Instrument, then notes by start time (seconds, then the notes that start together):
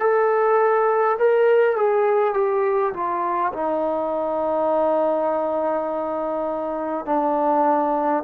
trombone
0.00 A4
1.19 A#4
1.76 G#4
2.34 G4
2.93 F4
3.53 D#4
7.05 D4